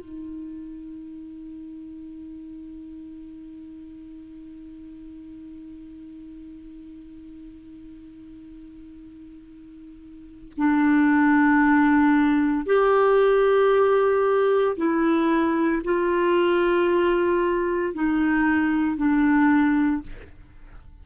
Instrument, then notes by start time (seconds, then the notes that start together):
clarinet
0.00 D#4
10.57 D4
12.66 G4
14.77 E4
15.84 F4
17.94 D#4
18.97 D4